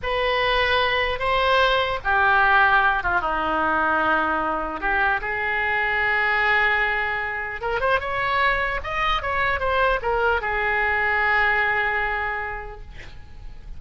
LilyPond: \new Staff \with { instrumentName = "oboe" } { \time 4/4 \tempo 4 = 150 b'2. c''4~ | c''4 g'2~ g'8 f'8 | dis'1 | g'4 gis'2.~ |
gis'2. ais'8 c''8 | cis''2 dis''4 cis''4 | c''4 ais'4 gis'2~ | gis'1 | }